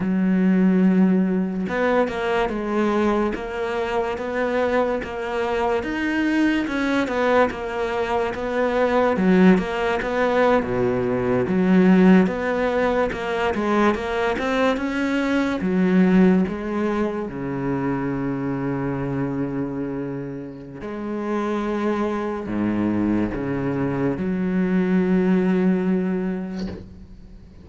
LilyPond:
\new Staff \with { instrumentName = "cello" } { \time 4/4 \tempo 4 = 72 fis2 b8 ais8 gis4 | ais4 b4 ais4 dis'4 | cis'8 b8 ais4 b4 fis8 ais8 | b8. b,4 fis4 b4 ais16~ |
ais16 gis8 ais8 c'8 cis'4 fis4 gis16~ | gis8. cis2.~ cis16~ | cis4 gis2 gis,4 | cis4 fis2. | }